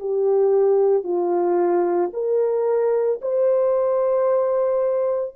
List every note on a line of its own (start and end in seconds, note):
0.00 1.04 G4
1.04 2.11 F4
2.14 3.21 A#4
3.22 5.36 C5